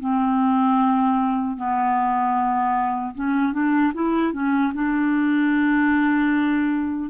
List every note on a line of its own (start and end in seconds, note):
0.00 1.57 C4
1.57 3.15 B3
3.15 3.53 C#4
3.53 3.93 D4
3.94 4.33 E4
4.33 4.72 C#4
4.74 7.10 D4